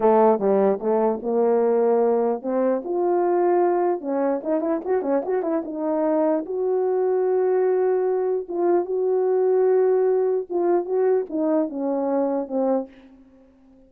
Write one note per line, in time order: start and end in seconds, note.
0.00 0.39 A3
0.39 0.79 G3
0.79 1.20 A3
1.22 2.42 A#3
2.42 2.82 C4
2.84 4.00 F4
4.00 4.41 C#4
4.43 4.60 D#4
4.60 4.80 E4
4.84 5.02 F#4
5.02 5.22 C#4
5.25 5.42 F#4
5.42 5.62 E4
5.64 6.45 D#4
6.45 8.46 F#4
8.48 8.85 F4
8.85 10.46 F#4
10.49 10.85 F4
10.85 11.25 F#4
11.29 11.69 D#4
11.69 12.47 C#4
12.47 12.88 C4